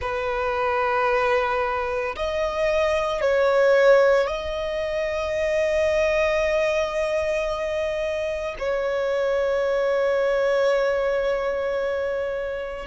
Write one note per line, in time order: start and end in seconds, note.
0.01 2.15 B4
2.15 3.21 D#5
3.21 4.27 C#5
4.27 8.55 D#5
8.58 12.86 C#5